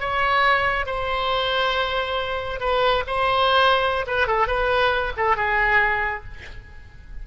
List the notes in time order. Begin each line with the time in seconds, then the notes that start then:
0.00 C#5
0.86 C5
2.60 B4
3.07 C5
4.07 B4
4.27 A4
4.47 B4
5.17 A4
5.36 G#4